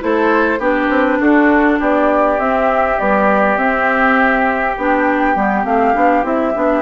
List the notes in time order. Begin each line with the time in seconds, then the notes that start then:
0.00 A3 E4 A4 C5
0.59 B3 D4 G4 B4
0.89 C4
1.20 D4 F#4 A4
1.79 B3 G4 D5
2.39 C4 E5
2.98 G3 B3 D5
3.57 C4 E5
4.78 B3 D4 G5
5.36 G3 B3
5.64 A3 C4 F5
5.94 B3 D4
6.23 C4 E4 E5
6.55 B3 D4